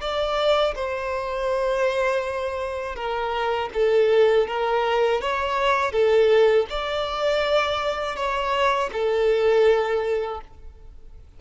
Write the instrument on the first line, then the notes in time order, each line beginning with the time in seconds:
violin
0.00 D5
0.75 C5
2.95 A#4
3.73 A4
4.47 A#4
5.21 C#5
5.92 A4
6.69 D5
8.16 C#5
8.92 A4